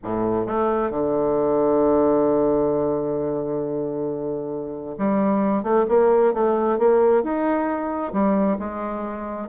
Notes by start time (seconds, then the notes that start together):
0.03 A2
0.46 A3
0.90 D3
4.97 G3
5.63 A3
5.88 A#3
6.33 A3
6.78 A#3
7.23 D#4
8.12 G3
8.58 G#3